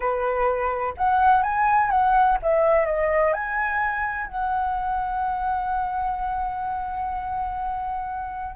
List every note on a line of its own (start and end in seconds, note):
0.00 0.94 B4
0.97 1.42 F#5
1.42 1.90 G#5
1.90 2.38 F#5
2.42 2.85 E5
2.85 3.33 D#5
3.33 4.27 G#5
4.27 8.55 F#5